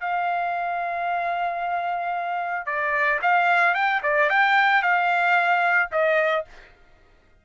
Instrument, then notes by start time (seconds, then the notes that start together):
trumpet
0.00 F5
2.65 D5
3.22 F5
3.74 G5
4.03 D5
4.29 G5
4.82 F5
5.91 D#5